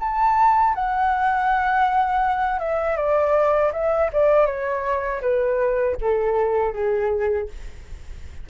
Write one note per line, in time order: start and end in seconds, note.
0.00 0.75 A5
0.75 2.59 F#5
2.59 2.97 E5
2.97 3.72 D5
3.73 4.10 E5
4.12 4.46 D5
4.46 5.21 C#5
5.22 5.97 B4
6.01 6.73 A4
6.73 7.48 G#4